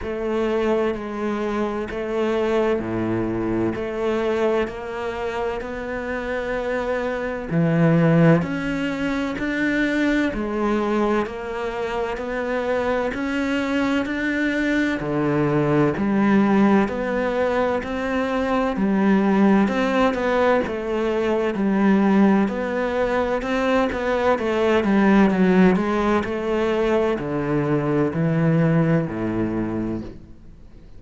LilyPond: \new Staff \with { instrumentName = "cello" } { \time 4/4 \tempo 4 = 64 a4 gis4 a4 a,4 | a4 ais4 b2 | e4 cis'4 d'4 gis4 | ais4 b4 cis'4 d'4 |
d4 g4 b4 c'4 | g4 c'8 b8 a4 g4 | b4 c'8 b8 a8 g8 fis8 gis8 | a4 d4 e4 a,4 | }